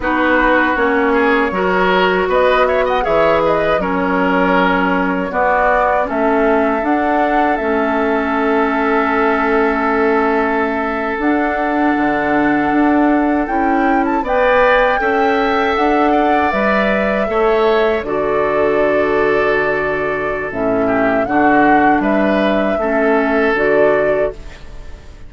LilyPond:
<<
  \new Staff \with { instrumentName = "flute" } { \time 4/4 \tempo 4 = 79 b'4 cis''2 dis''8 e''16 fis''16 | e''8 dis''8 cis''2 d''4 | e''4 fis''4 e''2~ | e''2~ e''8. fis''4~ fis''16~ |
fis''4.~ fis''16 g''8. a''16 g''4~ g''16~ | g''8. fis''4 e''2 d''16~ | d''2. e''4 | fis''4 e''2 d''4 | }
  \new Staff \with { instrumentName = "oboe" } { \time 4/4 fis'4. gis'8 ais'4 b'8 cis''16 dis''16 | cis''8 b'8 ais'2 fis'4 | a'1~ | a'1~ |
a'2~ a'8. d''4 e''16~ | e''4~ e''16 d''4. cis''4 a'16~ | a'2.~ a'8 g'8 | fis'4 b'4 a'2 | }
  \new Staff \with { instrumentName = "clarinet" } { \time 4/4 dis'4 cis'4 fis'2 | gis'4 cis'2 b4 | cis'4 d'4 cis'2~ | cis'2~ cis'8. d'4~ d'16~ |
d'4.~ d'16 e'4 b'4 a'16~ | a'4.~ a'16 b'4 a'4 fis'16~ | fis'2. cis'4 | d'2 cis'4 fis'4 | }
  \new Staff \with { instrumentName = "bassoon" } { \time 4/4 b4 ais4 fis4 b4 | e4 fis2 b4 | a4 d'4 a2~ | a2~ a8. d'4 d16~ |
d8. d'4 cis'4 b4 cis'16~ | cis'8. d'4 g4 a4 d16~ | d2. a,4 | d4 g4 a4 d4 | }
>>